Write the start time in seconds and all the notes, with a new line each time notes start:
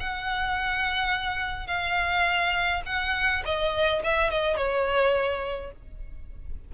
0.00 F#5
1.67 F5
2.86 F#5
3.45 D#5
4.04 E5
4.31 D#5
4.57 C#5